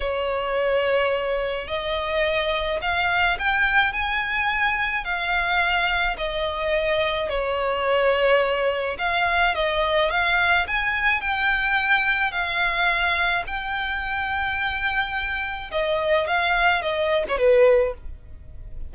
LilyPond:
\new Staff \with { instrumentName = "violin" } { \time 4/4 \tempo 4 = 107 cis''2. dis''4~ | dis''4 f''4 g''4 gis''4~ | gis''4 f''2 dis''4~ | dis''4 cis''2. |
f''4 dis''4 f''4 gis''4 | g''2 f''2 | g''1 | dis''4 f''4 dis''8. cis''16 b'4 | }